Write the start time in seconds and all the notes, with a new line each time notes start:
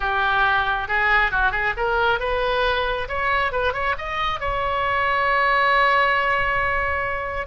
0.00 G4
0.88 G#4
1.31 F#4
1.51 G#4
1.76 A#4
2.19 B4
3.08 C#5
3.52 B4
3.73 C#5
3.97 D#5
4.39 C#5